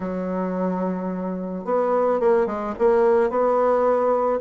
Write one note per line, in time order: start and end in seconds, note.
0.00 1.65 F#3
1.65 2.20 B3
2.20 2.46 A#3
2.46 2.73 G#3
2.78 3.30 A#3
3.30 4.40 B3